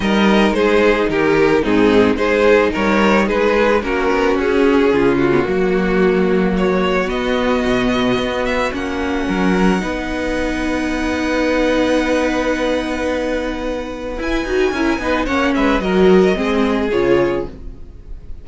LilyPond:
<<
  \new Staff \with { instrumentName = "violin" } { \time 4/4 \tempo 4 = 110 dis''4 c''4 ais'4 gis'4 | c''4 cis''4 b'4 ais'4 | gis'4. fis'2~ fis'8 | cis''4 dis''2~ dis''8 e''8 |
fis''1~ | fis''1~ | fis''2 gis''2 | fis''8 e''8 dis''2 cis''4 | }
  \new Staff \with { instrumentName = "violin" } { \time 4/4 ais'4 gis'4 g'4 dis'4 | gis'4 ais'4 gis'4 fis'4~ | fis'4 f'4 fis'2~ | fis'1~ |
fis'4 ais'4 b'2~ | b'1~ | b'2. ais'8 b'8 | cis''8 b'8 ais'4 gis'2 | }
  \new Staff \with { instrumentName = "viola" } { \time 4/4 dis'2. c'4 | dis'2. cis'4~ | cis'4.~ cis'16 b16 ais2~ | ais4 b2. |
cis'2 dis'2~ | dis'1~ | dis'2 e'8 fis'8 e'8 dis'8 | cis'4 fis'4 c'4 f'4 | }
  \new Staff \with { instrumentName = "cello" } { \time 4/4 g4 gis4 dis4 gis,4 | gis4 g4 gis4 ais8 b8 | cis'4 cis4 fis2~ | fis4 b4 b,4 b4 |
ais4 fis4 b2~ | b1~ | b2 e'8 dis'8 cis'8 b8 | ais8 gis8 fis4 gis4 cis4 | }
>>